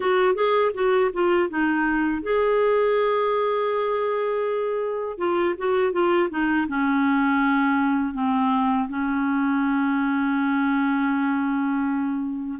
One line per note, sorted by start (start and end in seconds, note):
0.00 0.34 F#4
0.34 0.71 G#4
0.74 1.11 F#4
1.13 1.49 F4
1.49 2.22 D#4
2.22 5.18 G#4
5.18 5.55 F4
5.58 5.92 F#4
5.92 6.29 F4
6.30 6.67 D#4
6.67 8.14 C#4
8.14 8.88 C4
8.89 12.59 C#4